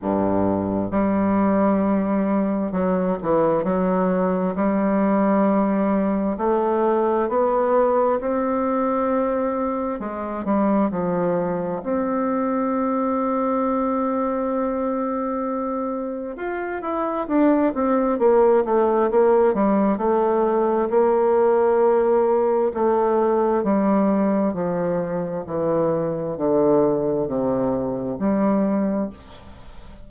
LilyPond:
\new Staff \with { instrumentName = "bassoon" } { \time 4/4 \tempo 4 = 66 g,4 g2 fis8 e8 | fis4 g2 a4 | b4 c'2 gis8 g8 | f4 c'2.~ |
c'2 f'8 e'8 d'8 c'8 | ais8 a8 ais8 g8 a4 ais4~ | ais4 a4 g4 f4 | e4 d4 c4 g4 | }